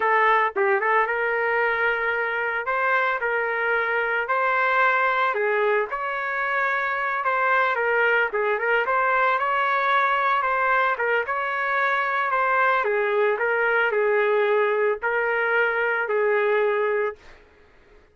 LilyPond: \new Staff \with { instrumentName = "trumpet" } { \time 4/4 \tempo 4 = 112 a'4 g'8 a'8 ais'2~ | ais'4 c''4 ais'2 | c''2 gis'4 cis''4~ | cis''4. c''4 ais'4 gis'8 |
ais'8 c''4 cis''2 c''8~ | c''8 ais'8 cis''2 c''4 | gis'4 ais'4 gis'2 | ais'2 gis'2 | }